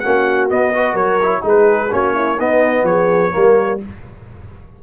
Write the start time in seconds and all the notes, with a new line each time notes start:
0.00 A#3 C#4 F#4 F#5
0.50 B3 D#5
0.74 F#4 B4
0.94 F#3 A#4 C#5
1.23 E4
1.42 G#3 D#4 G#4
1.48 B4
1.91 A#3 C#4 F#4 C#5
2.15 E4
2.37 B3 D#4 D#5
2.84 F3 G#4 C#5
3.32 G3 A#3 A#4